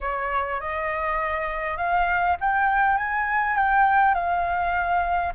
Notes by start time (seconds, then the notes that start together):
0.01 C#5
0.60 D#5
1.77 F5
2.40 G5
2.97 G#5
3.56 G5
4.14 F5